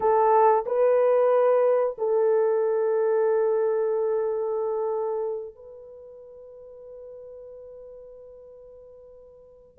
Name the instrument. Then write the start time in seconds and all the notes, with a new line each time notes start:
horn
0.00 A4
0.66 B4
1.97 A4
5.55 B4